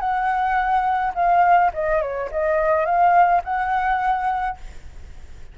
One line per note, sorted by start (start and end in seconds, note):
0.00 1.13 F#5
1.15 1.71 F5
1.74 2.02 D#5
2.02 2.30 C#5
2.32 2.86 D#5
2.86 3.42 F5
3.45 4.58 F#5